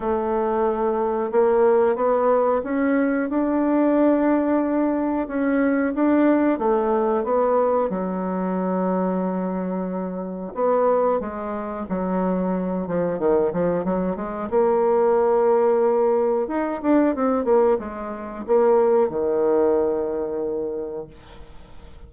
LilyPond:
\new Staff \with { instrumentName = "bassoon" } { \time 4/4 \tempo 4 = 91 a2 ais4 b4 | cis'4 d'2. | cis'4 d'4 a4 b4 | fis1 |
b4 gis4 fis4. f8 | dis8 f8 fis8 gis8 ais2~ | ais4 dis'8 d'8 c'8 ais8 gis4 | ais4 dis2. | }